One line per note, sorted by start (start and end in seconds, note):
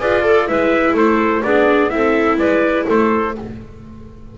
0.00 0.49 F4
0.00 0.22 G#4
0.00 0.24 B4
0.00 0.48 D5
0.22 0.46 A4
0.22 0.48 A4
0.47 0.94 G#3
0.47 1.43 E4
0.47 0.94 B4
0.47 0.96 E5
0.94 1.42 A3
0.94 1.42 A4
0.94 1.43 C5
1.43 1.93 B3
1.43 1.90 D4
1.43 1.92 G#4
1.43 1.90 D5
1.90 2.37 C4
1.90 3.34 E4
1.90 2.38 A4
1.90 2.38 E5
2.37 2.85 G#3
2.37 2.86 B4
2.37 2.87 D5
2.88 3.38 A3
2.88 3.36 A4
2.88 3.38 C5